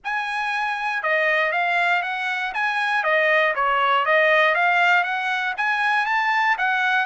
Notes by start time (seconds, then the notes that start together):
0.03 G#5
1.02 D#5
1.51 F5
2.02 F#5
2.53 G#5
3.03 D#5
3.55 C#5
4.05 D#5
4.54 F5
5.03 F#5
5.57 G#5
6.06 A5
6.58 F#5